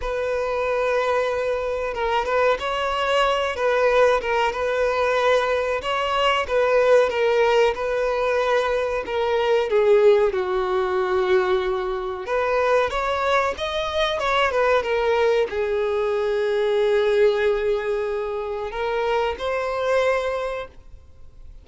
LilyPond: \new Staff \with { instrumentName = "violin" } { \time 4/4 \tempo 4 = 93 b'2. ais'8 b'8 | cis''4. b'4 ais'8 b'4~ | b'4 cis''4 b'4 ais'4 | b'2 ais'4 gis'4 |
fis'2. b'4 | cis''4 dis''4 cis''8 b'8 ais'4 | gis'1~ | gis'4 ais'4 c''2 | }